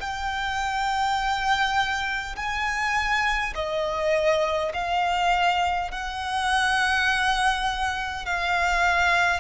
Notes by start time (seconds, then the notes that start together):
0.00 G5
2.36 G#5
3.55 D#5
4.74 F5
5.91 F#5
8.26 F5